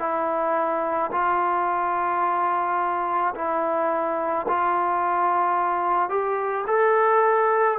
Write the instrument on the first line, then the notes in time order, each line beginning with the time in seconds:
trombone
0.00 E4
1.12 F4
3.35 E4
4.48 F4
6.10 G4
6.67 A4